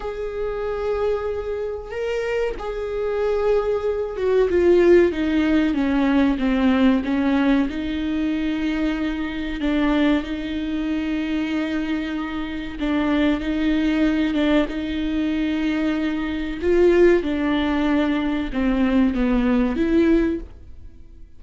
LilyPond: \new Staff \with { instrumentName = "viola" } { \time 4/4 \tempo 4 = 94 gis'2. ais'4 | gis'2~ gis'8 fis'8 f'4 | dis'4 cis'4 c'4 cis'4 | dis'2. d'4 |
dis'1 | d'4 dis'4. d'8 dis'4~ | dis'2 f'4 d'4~ | d'4 c'4 b4 e'4 | }